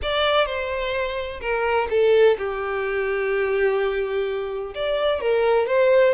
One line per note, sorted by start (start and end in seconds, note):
0.02 0.46 D5
0.46 1.40 C5
1.40 1.88 A#4
1.89 2.37 A4
2.38 4.74 G4
4.74 5.20 D5
5.20 5.66 A#4
5.66 6.14 C5